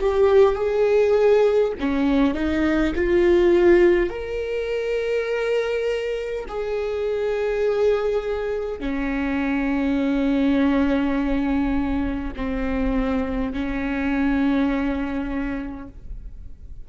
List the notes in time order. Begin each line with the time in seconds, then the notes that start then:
0.00 G4
0.55 G#4
1.80 C#4
2.34 D#4
2.96 F4
4.10 A#4
6.48 G#4
8.80 C#4
12.36 C4
13.53 C#4